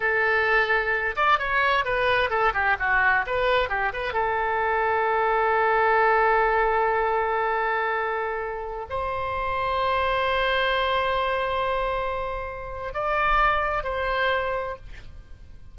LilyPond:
\new Staff \with { instrumentName = "oboe" } { \time 4/4 \tempo 4 = 130 a'2~ a'8 d''8 cis''4 | b'4 a'8 g'8 fis'4 b'4 | g'8 b'8 a'2.~ | a'1~ |
a'2.~ a'16 c''8.~ | c''1~ | c''1 | d''2 c''2 | }